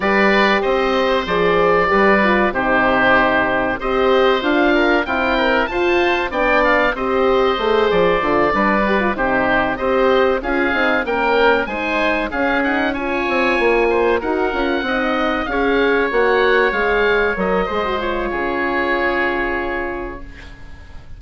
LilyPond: <<
  \new Staff \with { instrumentName = "oboe" } { \time 4/4 \tempo 4 = 95 d''4 dis''4 d''2 | c''2 dis''4 f''4 | g''4 a''4 g''8 f''8 dis''4~ | dis''8 d''2 c''4 dis''8~ |
dis''8 f''4 g''4 gis''4 f''8 | fis''8 gis''2 fis''4.~ | fis''8 f''4 fis''4 f''4 dis''8~ | dis''8 cis''2.~ cis''8 | }
  \new Staff \with { instrumentName = "oboe" } { \time 4/4 b'4 c''2 b'4 | g'2 c''4. ais'8 | f'8 ais'8 c''4 d''4 c''4~ | c''4. b'4 g'4 c''8~ |
c''8 gis'4 ais'4 c''4 gis'8~ | gis'8 cis''4. c''8 ais'4 dis''8~ | dis''8 cis''2.~ cis''8 | c''4 gis'2. | }
  \new Staff \with { instrumentName = "horn" } { \time 4/4 g'2 gis'4 g'8 f'8 | dis'2 g'4 f'4 | c'4 f'4 d'4 g'4 | gis'4 f'8 d'8 g'16 f'16 dis'4 g'8~ |
g'8 f'8 dis'8 cis'4 dis'4 cis'8 | dis'8 f'2 fis'8 f'8 dis'8~ | dis'8 gis'4 fis'4 gis'4 ais'8 | gis'16 fis'16 f'2.~ f'8 | }
  \new Staff \with { instrumentName = "bassoon" } { \time 4/4 g4 c'4 f4 g4 | c2 c'4 d'4 | e'4 f'4 b4 c'4 | a8 f8 d8 g4 c4 c'8~ |
c'8 cis'8 c'8 ais4 gis4 cis'8~ | cis'4 c'8 ais4 dis'8 cis'8 c'8~ | c'8 cis'4 ais4 gis4 fis8 | gis4 cis2. | }
>>